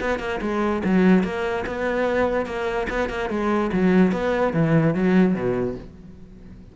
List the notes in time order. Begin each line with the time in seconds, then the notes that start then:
0.00 B3
0.19 A#3
0.41 G#3
0.84 F#3
1.23 A#3
1.66 B3
2.46 A#3
2.89 B3
3.09 A#3
3.30 G#3
3.73 F#3
4.12 B3
4.53 E3
4.94 F#3
5.34 B2